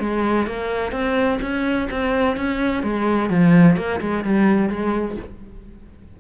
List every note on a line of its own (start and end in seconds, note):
0.00 0.47 G#3
0.47 0.92 A#3
0.92 1.39 C4
1.42 1.89 C#4
1.91 2.37 C4
2.37 2.83 C#4
2.83 3.30 G#3
3.30 3.77 F3
3.77 4.01 A#3
4.01 4.24 G#3
4.24 4.70 G3
4.70 5.17 G#3